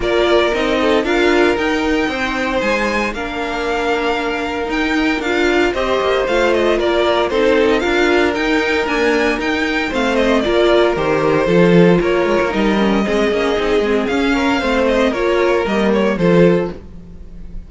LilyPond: <<
  \new Staff \with { instrumentName = "violin" } { \time 4/4 \tempo 4 = 115 d''4 dis''4 f''4 g''4~ | g''4 gis''4 f''2~ | f''4 g''4 f''4 dis''4 | f''8 dis''8 d''4 c''8. dis''16 f''4 |
g''4 gis''4 g''4 f''8 dis''8 | d''4 c''2 cis''4 | dis''2. f''4~ | f''8 dis''8 cis''4 dis''8 cis''8 c''4 | }
  \new Staff \with { instrumentName = "violin" } { \time 4/4 ais'4. a'8 ais'2 | c''2 ais'2~ | ais'2. c''4~ | c''4 ais'4 a'4 ais'4~ |
ais'2. c''4 | ais'2 a'4 ais'4~ | ais'4 gis'2~ gis'8 ais'8 | c''4 ais'2 a'4 | }
  \new Staff \with { instrumentName = "viola" } { \time 4/4 f'4 dis'4 f'4 dis'4~ | dis'2 d'2~ | d'4 dis'4 f'4 g'4 | f'2 dis'4 f'4 |
dis'4 ais4 dis'4 c'4 | f'4 g'4 f'2 | dis'8 cis'8 c'8 cis'8 dis'8 c'8 cis'4 | c'4 f'4 ais4 f'4 | }
  \new Staff \with { instrumentName = "cello" } { \time 4/4 ais4 c'4 d'4 dis'4 | c'4 gis4 ais2~ | ais4 dis'4 d'4 c'8 ais8 | a4 ais4 c'4 d'4 |
dis'4 d'4 dis'4 a4 | ais4 dis4 f4 ais8 gis16 ais16 | g4 gis8 ais8 c'8 gis8 cis'4 | a4 ais4 g4 f4 | }
>>